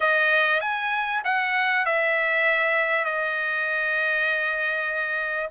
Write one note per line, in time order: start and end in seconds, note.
0.00 0.61 D#5
0.61 1.22 G#5
1.24 1.85 F#5
1.85 3.04 E5
3.04 5.49 D#5